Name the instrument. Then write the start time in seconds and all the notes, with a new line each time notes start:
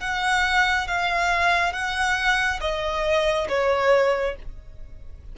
violin
0.00 F#5
0.87 F5
1.72 F#5
2.60 D#5
3.48 C#5